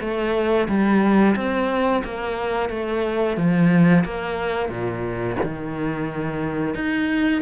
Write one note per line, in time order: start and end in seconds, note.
0.00 0.67 A3
0.68 1.35 G3
1.36 2.03 C4
2.04 2.69 A#3
2.69 3.37 A3
3.37 4.04 F3
4.04 4.69 A#3
4.69 5.36 A#2
5.43 6.75 D#3
6.75 7.42 D#4